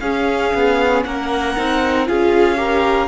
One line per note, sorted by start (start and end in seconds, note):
0.00 0.53 C#4
0.00 1.57 C#4
0.00 1.05 G#4
0.00 1.03 F5
0.55 1.05 B3
1.04 1.57 A#3
1.04 2.08 A#4
1.04 2.08 F#5
1.57 2.09 C4
1.57 2.06 D#4
2.06 3.09 C#4
2.06 2.56 F4
2.06 2.58 G#4
2.06 3.09 F5
2.56 3.08 G4
2.56 3.09 A#4